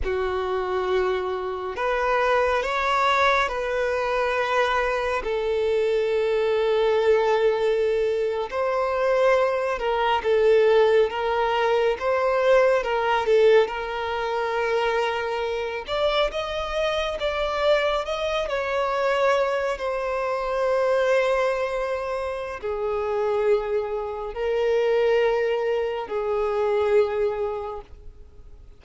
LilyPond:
\new Staff \with { instrumentName = "violin" } { \time 4/4 \tempo 4 = 69 fis'2 b'4 cis''4 | b'2 a'2~ | a'4.~ a'16 c''4. ais'8 a'16~ | a'8. ais'4 c''4 ais'8 a'8 ais'16~ |
ais'2~ ais'16 d''8 dis''4 d''16~ | d''8. dis''8 cis''4. c''4~ c''16~ | c''2 gis'2 | ais'2 gis'2 | }